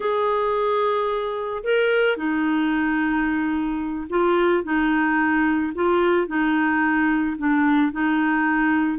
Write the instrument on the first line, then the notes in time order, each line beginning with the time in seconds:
clarinet
0.00 G#4
1.63 A#4
2.16 D#4
4.09 F4
4.63 D#4
5.74 F4
6.27 D#4
7.38 D4
7.91 D#4